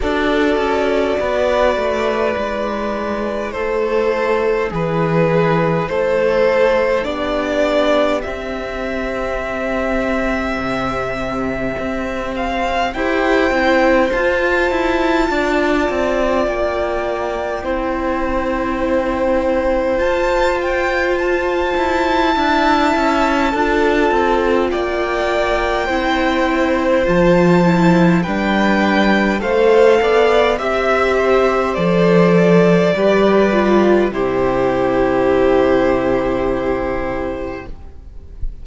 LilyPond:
<<
  \new Staff \with { instrumentName = "violin" } { \time 4/4 \tempo 4 = 51 d''2. c''4 | b'4 c''4 d''4 e''4~ | e''2~ e''8 f''8 g''4 | a''2 g''2~ |
g''4 a''8 g''8 a''2~ | a''4 g''2 a''4 | g''4 f''4 e''4 d''4~ | d''4 c''2. | }
  \new Staff \with { instrumentName = "violin" } { \time 4/4 a'4 b'2 a'4 | gis'4 a'4 g'2~ | g'2. c''4~ | c''4 d''2 c''4~ |
c''2. e''4 | a'4 d''4 c''2 | b'4 c''8 d''8 e''8 c''4. | b'4 g'2. | }
  \new Staff \with { instrumentName = "viola" } { \time 4/4 fis'2 e'2~ | e'2 d'4 c'4~ | c'2. g'8 e'8 | f'2. e'4~ |
e'4 f'2 e'4 | f'2 e'4 f'8 e'8 | d'4 a'4 g'4 a'4 | g'8 f'8 e'2. | }
  \new Staff \with { instrumentName = "cello" } { \time 4/4 d'8 cis'8 b8 a8 gis4 a4 | e4 a4 b4 c'4~ | c'4 c4 c'4 e'8 c'8 | f'8 e'8 d'8 c'8 ais4 c'4~ |
c'4 f'4. e'8 d'8 cis'8 | d'8 c'8 ais4 c'4 f4 | g4 a8 b8 c'4 f4 | g4 c2. | }
>>